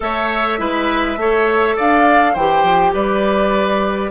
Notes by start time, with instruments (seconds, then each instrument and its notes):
0.00 bassoon A3, clarinet A4, oboe C#5, flute E5
0.58 bassoon G#3, clarinet E4, oboe B4
1.16 bassoon A3, clarinet A4, oboe C#5
1.75 bassoon D4, oboe D5, flute F5
2.33 bassoon E3, oboe C5, flute G5
2.39 clarinet G4
2.63 bassoon F3
2.93 bassoon G3, oboe B4, flute D5